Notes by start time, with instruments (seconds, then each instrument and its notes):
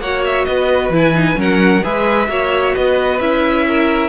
0.00 cello A#3, viola F#4, violin C#5 F#5
0.25 violin E5
0.45 cello B3, violin B4 D#5
0.89 cello E3, viola E4
0.97 violin G#5
1.14 viola D#4
1.35 cello F#3, viola C#4, violin A#4
1.41 violin F#5
1.83 cello G#3, viola G#4, violin B4 E5
2.27 cello A#3, viola F#4, violin C#5
2.75 cello B3, violin B4 D#5
3.20 cello C#4, viola E4, violin E5
3.67 violin A#4